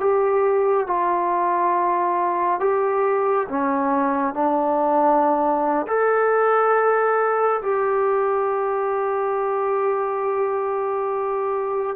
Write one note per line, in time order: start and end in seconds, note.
0.00 0.87 G4
0.87 2.60 F4
2.60 3.47 G4
3.48 4.34 C#4
4.34 5.86 D4
5.87 7.61 A4
7.62 11.96 G4